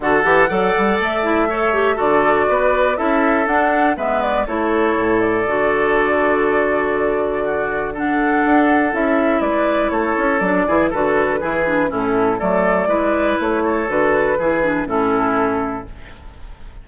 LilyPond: <<
  \new Staff \with { instrumentName = "flute" } { \time 4/4 \tempo 4 = 121 fis''2 e''2 | d''2 e''4 fis''4 | e''8 d''8 cis''4. d''4.~ | d''1 |
fis''2 e''4 d''4 | cis''4 d''4 b'2 | a'4 d''2 cis''4 | b'2 a'2 | }
  \new Staff \with { instrumentName = "oboe" } { \time 4/4 a'4 d''2 cis''4 | a'4 b'4 a'2 | b'4 a'2.~ | a'2. fis'4 |
a'2. b'4 | a'4. gis'8 a'4 gis'4 | e'4 a'4 b'4. a'8~ | a'4 gis'4 e'2 | }
  \new Staff \with { instrumentName = "clarinet" } { \time 4/4 fis'8 g'8 a'4. e'8 a'8 g'8 | fis'2 e'4 d'4 | b4 e'2 fis'4~ | fis'1 |
d'2 e'2~ | e'4 d'8 e'8 fis'4 e'8 d'8 | cis'4 a4 e'2 | fis'4 e'8 d'8 cis'2 | }
  \new Staff \with { instrumentName = "bassoon" } { \time 4/4 d8 e8 fis8 g8 a2 | d4 b4 cis'4 d'4 | gis4 a4 a,4 d4~ | d1~ |
d4 d'4 cis'4 gis4 | a8 cis'8 fis8 e8 d4 e4 | a,4 fis4 gis4 a4 | d4 e4 a,2 | }
>>